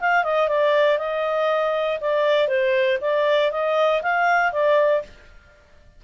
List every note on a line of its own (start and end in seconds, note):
0.00 0.24 F5
0.24 0.48 D#5
0.48 0.98 D5
0.98 1.99 D#5
2.00 2.48 D5
2.48 2.98 C5
3.01 3.51 D5
3.51 4.02 D#5
4.02 4.52 F5
4.52 5.02 D5